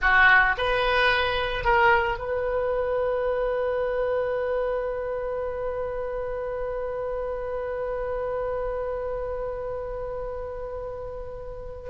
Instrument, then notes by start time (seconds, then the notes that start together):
oboe
0.01 F#4
0.57 B4
1.64 A#4
2.18 B4